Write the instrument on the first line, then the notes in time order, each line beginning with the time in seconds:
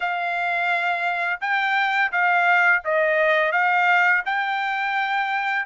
trumpet
0.00 F5
1.41 G5
2.11 F5
2.84 D#5
3.52 F5
4.25 G5